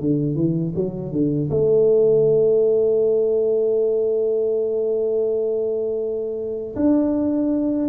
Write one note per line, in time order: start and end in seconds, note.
0.00 0.35 D3
0.35 0.73 E3
0.75 1.12 F#3
1.12 1.49 D3
1.50 6.75 A3
6.76 7.89 D4